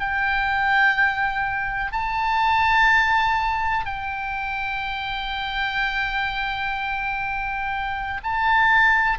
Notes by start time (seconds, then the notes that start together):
0.00 G5
1.92 A5
3.85 G5
8.23 A5